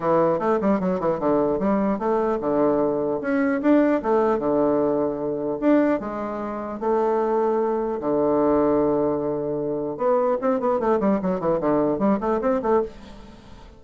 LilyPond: \new Staff \with { instrumentName = "bassoon" } { \time 4/4 \tempo 4 = 150 e4 a8 g8 fis8 e8 d4 | g4 a4 d2 | cis'4 d'4 a4 d4~ | d2 d'4 gis4~ |
gis4 a2. | d1~ | d4 b4 c'8 b8 a8 g8 | fis8 e8 d4 g8 a8 c'8 a8 | }